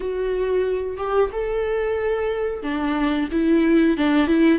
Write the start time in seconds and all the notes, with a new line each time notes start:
0.00 F#4
0.97 G4
1.32 A4
2.62 D4
3.31 E4
3.97 D4
4.27 E4